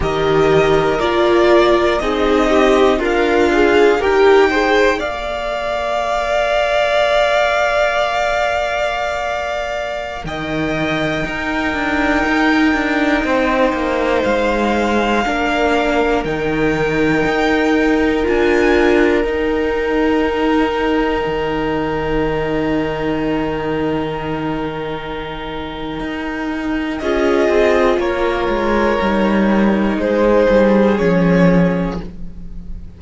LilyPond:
<<
  \new Staff \with { instrumentName = "violin" } { \time 4/4 \tempo 4 = 60 dis''4 d''4 dis''4 f''4 | g''4 f''2.~ | f''2~ f''16 g''4.~ g''16~ | g''2~ g''16 f''4.~ f''16~ |
f''16 g''2 gis''4 g''8.~ | g''1~ | g''2. dis''4 | cis''2 c''4 cis''4 | }
  \new Staff \with { instrumentName = "violin" } { \time 4/4 ais'2 gis'8 g'8 f'4 | ais'8 c''8 d''2.~ | d''2~ d''16 dis''4 ais'8.~ | ais'4~ ais'16 c''2 ais'8.~ |
ais'1~ | ais'1~ | ais'2. gis'4 | ais'2 gis'2 | }
  \new Staff \with { instrumentName = "viola" } { \time 4/4 g'4 f'4 dis'4 ais'8 gis'8 | g'8 gis'8 ais'2.~ | ais'2.~ ais'16 dis'8.~ | dis'2.~ dis'16 d'8.~ |
d'16 dis'2 f'4 dis'8.~ | dis'1~ | dis'2. f'4~ | f'4 dis'2 cis'4 | }
  \new Staff \with { instrumentName = "cello" } { \time 4/4 dis4 ais4 c'4 d'4 | dis'4 ais2.~ | ais2~ ais16 dis4 dis'8 d'16~ | d'16 dis'8 d'8 c'8 ais8 gis4 ais8.~ |
ais16 dis4 dis'4 d'4 dis'8.~ | dis'4~ dis'16 dis2~ dis8.~ | dis2 dis'4 cis'8 c'8 | ais8 gis8 g4 gis8 g8 f4 | }
>>